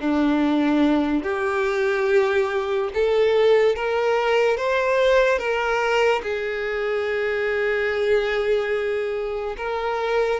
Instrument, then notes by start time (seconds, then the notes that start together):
violin
0.00 D4
1.23 G4
2.94 A4
3.76 A#4
4.57 C5
5.38 A#4
6.22 G#4
9.57 A#4